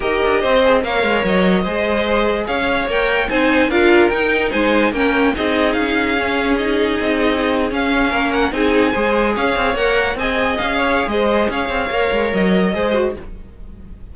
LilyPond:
<<
  \new Staff \with { instrumentName = "violin" } { \time 4/4 \tempo 4 = 146 dis''2 f''4 dis''4~ | dis''2 f''4 g''4 | gis''4 f''4 g''4 gis''4 | g''4 dis''4 f''2 |
dis''2~ dis''8. f''4~ f''16~ | f''16 fis''8 gis''2 f''4 fis''16~ | fis''8. gis''4 f''4~ f''16 dis''4 | f''2 dis''2 | }
  \new Staff \with { instrumentName = "violin" } { \time 4/4 ais'4 c''4 cis''2 | c''2 cis''2 | c''4 ais'2 c''4 | ais'4 gis'2.~ |
gis'2.~ gis'8. ais'16~ | ais'8. gis'4 c''4 cis''4~ cis''16~ | cis''8. dis''4. cis''8. c''4 | cis''2. c''4 | }
  \new Staff \with { instrumentName = "viola" } { \time 4/4 g'4. gis'8 ais'2 | gis'2. ais'4 | dis'4 f'4 dis'2 | cis'4 dis'2 cis'4 |
dis'2~ dis'8. cis'4~ cis'16~ | cis'8. dis'4 gis'2 ais'16~ | ais'8. gis'2.~ gis'16~ | gis'4 ais'2 gis'8 fis'8 | }
  \new Staff \with { instrumentName = "cello" } { \time 4/4 dis'8 d'8 c'4 ais8 gis8 fis4 | gis2 cis'4 ais4 | c'4 d'4 dis'4 gis4 | ais4 c'4 cis'2~ |
cis'4 c'4.~ c'16 cis'4 ais16~ | ais8. c'4 gis4 cis'8 c'8 ais16~ | ais8. c'4 cis'4~ cis'16 gis4 | cis'8 c'8 ais8 gis8 fis4 gis4 | }
>>